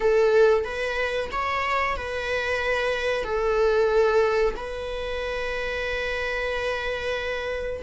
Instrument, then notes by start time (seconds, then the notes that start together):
viola
0.00 A4
0.64 B4
1.31 C#5
1.97 B4
3.24 A4
4.56 B4